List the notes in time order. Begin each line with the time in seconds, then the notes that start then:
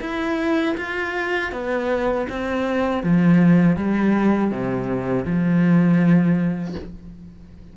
0.00 E4
0.77 F4
1.52 B3
2.29 C4
3.03 F3
3.76 G3
4.51 C3
5.25 F3